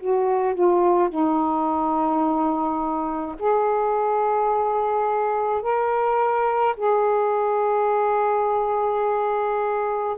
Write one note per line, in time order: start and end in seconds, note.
0.00 0.55 F#4
0.55 1.10 F4
1.10 3.36 D#4
3.39 5.62 G#4
5.62 6.75 A#4
6.77 10.17 G#4